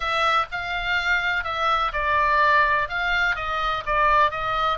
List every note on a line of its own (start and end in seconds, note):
0.00 0.45 E5
0.51 1.44 F5
1.44 1.92 E5
1.92 2.88 D5
2.88 3.35 F5
3.35 3.83 D#5
3.85 4.30 D5
4.30 4.78 D#5